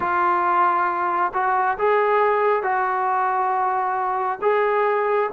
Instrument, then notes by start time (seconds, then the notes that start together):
trombone
0.00 F4
1.33 F#4
1.78 G#4
2.62 F#4
4.41 G#4